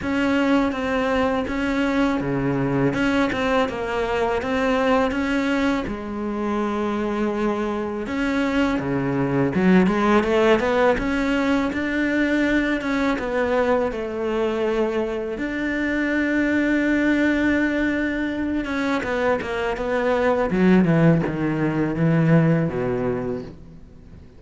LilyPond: \new Staff \with { instrumentName = "cello" } { \time 4/4 \tempo 4 = 82 cis'4 c'4 cis'4 cis4 | cis'8 c'8 ais4 c'4 cis'4 | gis2. cis'4 | cis4 fis8 gis8 a8 b8 cis'4 |
d'4. cis'8 b4 a4~ | a4 d'2.~ | d'4. cis'8 b8 ais8 b4 | fis8 e8 dis4 e4 b,4 | }